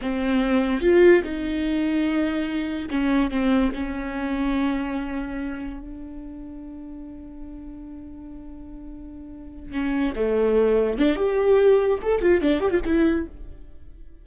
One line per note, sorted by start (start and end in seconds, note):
0.01 0.81 C4
0.81 1.22 F4
1.23 2.89 D#4
2.90 3.30 C#4
3.30 3.72 C4
3.74 5.80 C#4
5.80 9.71 D4
9.71 10.13 C#4
10.15 10.98 A3
10.98 11.16 D4
11.16 11.98 G4
12.02 12.21 A4
12.21 12.41 F4
12.41 12.60 D4
12.60 12.70 G4
12.70 12.80 F4
12.84 13.26 E4